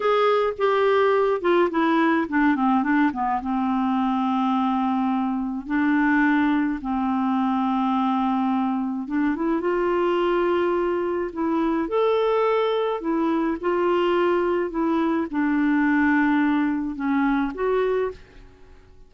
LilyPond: \new Staff \with { instrumentName = "clarinet" } { \time 4/4 \tempo 4 = 106 gis'4 g'4. f'8 e'4 | d'8 c'8 d'8 b8 c'2~ | c'2 d'2 | c'1 |
d'8 e'8 f'2. | e'4 a'2 e'4 | f'2 e'4 d'4~ | d'2 cis'4 fis'4 | }